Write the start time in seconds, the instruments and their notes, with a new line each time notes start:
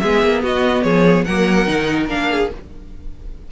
0.00 cello G#3, viola B3, violin G#4 E5
0.23 cello A#3
0.43 cello B3, violin F#4 D#5
0.83 cello F3, violin G#4 C#5
1.25 cello F#3, viola A#3, violin A#4 F#5
1.67 cello D#3, viola D#4
2.08 cello A#3, viola D4, violin F5
2.31 violin G#4